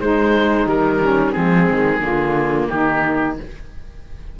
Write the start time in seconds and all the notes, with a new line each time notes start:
0.00 G#3 D#4 C5
0.66 D#3 G3 A#4
1.02 C#4
1.32 F3 G#3 C4 G#4
1.70 D#3
2.01 D3 A#3 F4
2.69 D#3 D#4 G4